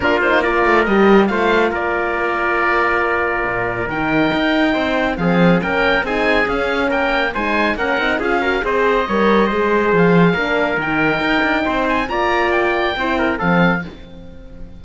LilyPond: <<
  \new Staff \with { instrumentName = "oboe" } { \time 4/4 \tempo 4 = 139 ais'8 c''8 d''4 dis''4 f''4 | d''1~ | d''4 g''2. | f''4 g''4 gis''4 f''4 |
g''4 gis''4 fis''4 f''4 | dis''2. f''4~ | f''4 g''2~ g''8 gis''8 | ais''4 g''2 f''4 | }
  \new Staff \with { instrumentName = "trumpet" } { \time 4/4 f'4 ais'2 c''4 | ais'1~ | ais'2. c''4 | gis'4 ais'4 gis'2 |
ais'4 c''4 ais'4 gis'8 ais'8 | c''4 cis''4 c''2 | ais'2. c''4 | d''2 c''8 ais'8 a'4 | }
  \new Staff \with { instrumentName = "horn" } { \time 4/4 d'8 dis'8 f'4 g'4 f'4~ | f'1~ | f'4 dis'2. | c'4 cis'4 dis'4 cis'4~ |
cis'4 dis'4 cis'8 dis'8 f'8 fis'8 | gis'4 ais'4 gis'2 | d'4 dis'2. | f'2 e'4 c'4 | }
  \new Staff \with { instrumentName = "cello" } { \time 4/4 ais4. a8 g4 a4 | ais1 | ais,4 dis4 dis'4 c'4 | f4 ais4 c'4 cis'4 |
ais4 gis4 ais8 c'8 cis'4 | c'4 g4 gis4 f4 | ais4 dis4 dis'8 d'8 c'4 | ais2 c'4 f4 | }
>>